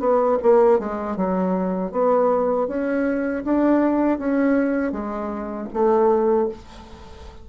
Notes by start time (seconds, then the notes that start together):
0.00 B3
0.43 A#3
0.80 G#3
1.17 F#3
1.92 B3
2.68 C#4
3.45 D4
4.19 C#4
4.93 G#3
5.73 A3